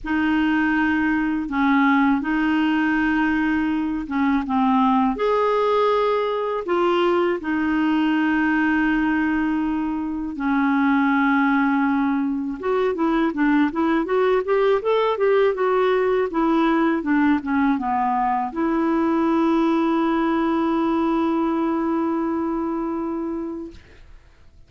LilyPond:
\new Staff \with { instrumentName = "clarinet" } { \time 4/4 \tempo 4 = 81 dis'2 cis'4 dis'4~ | dis'4. cis'8 c'4 gis'4~ | gis'4 f'4 dis'2~ | dis'2 cis'2~ |
cis'4 fis'8 e'8 d'8 e'8 fis'8 g'8 | a'8 g'8 fis'4 e'4 d'8 cis'8 | b4 e'2.~ | e'1 | }